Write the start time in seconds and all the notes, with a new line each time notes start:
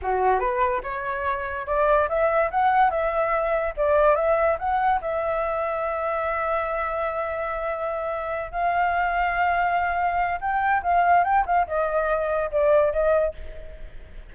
0.02 F#4
0.39 B4
0.83 C#5
1.66 D5
2.08 E5
2.50 F#5
2.90 E5
3.76 D5
4.15 E5
4.58 F#5
5.01 E5
8.51 F5
10.40 G5
10.82 F5
11.24 G5
11.45 F5
11.67 D#5
12.51 D5
12.93 D#5